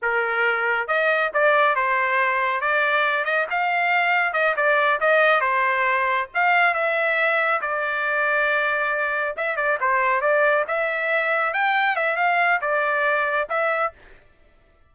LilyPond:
\new Staff \with { instrumentName = "trumpet" } { \time 4/4 \tempo 4 = 138 ais'2 dis''4 d''4 | c''2 d''4. dis''8 | f''2 dis''8 d''4 dis''8~ | dis''8 c''2 f''4 e''8~ |
e''4. d''2~ d''8~ | d''4. e''8 d''8 c''4 d''8~ | d''8 e''2 g''4 e''8 | f''4 d''2 e''4 | }